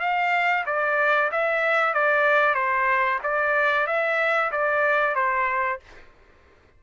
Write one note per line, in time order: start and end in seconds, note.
0.00 0.65 F5
0.66 1.31 D5
1.32 1.94 E5
1.94 2.55 D5
2.55 3.19 C5
3.23 3.87 D5
3.87 4.51 E5
4.52 5.15 D5
5.15 5.79 C5